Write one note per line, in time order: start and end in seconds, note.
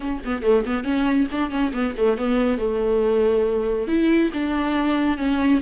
0.00 0.22 C#4
0.24 0.42 B3
0.42 0.64 A3
0.65 0.84 B3
0.84 1.27 C#4
1.31 1.50 D4
1.50 1.72 C#4
1.73 1.94 B3
1.97 2.17 A3
2.17 2.58 B3
2.58 3.87 A3
3.87 4.30 E4
4.33 5.17 D4
5.17 5.60 C#4